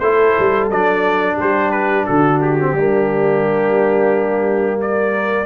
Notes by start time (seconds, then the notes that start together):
0.00 A3 E4 A4 C5
0.39 G3
0.70 F#3 D4 D5
1.36 G3 G4 C5
1.71 B4
2.06 D3 F#4 A4
2.42 G4
2.60 C4
2.73 G3 A#3 D4
4.81 A#4 D5